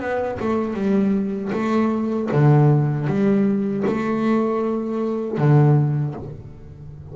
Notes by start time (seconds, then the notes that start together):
0.00 B3
0.40 A3
0.74 G3
1.52 A3
2.32 D3
3.07 G3
3.87 A3
5.38 D3